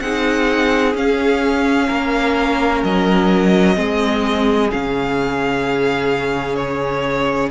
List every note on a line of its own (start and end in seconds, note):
0.00 0.94 C4
0.00 0.94 D#4
0.00 1.88 G#4
0.00 0.94 F#5
0.94 1.88 C#4
0.94 3.75 C#4
0.94 2.83 F5
1.88 2.83 A#3
1.88 3.75 A#4
2.83 3.77 F#3
2.83 4.71 D#5
3.75 4.71 G#3
3.75 4.69 C4
3.75 7.50 G#4
4.71 7.51 C#3
4.71 7.51 C#4
4.71 6.56 F5
6.56 7.49 C#5